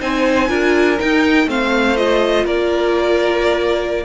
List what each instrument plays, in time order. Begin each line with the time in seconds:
0.00 cello C4, viola D#4, violin C5 G#5
0.48 cello D4, viola F4, violin A#4
0.99 viola D#4, cello D#4, violin G5
1.47 cello A3, viola C4, violin C5 F5
1.96 viola F4, violin D#5
2.45 cello A#3, violin A#4 D5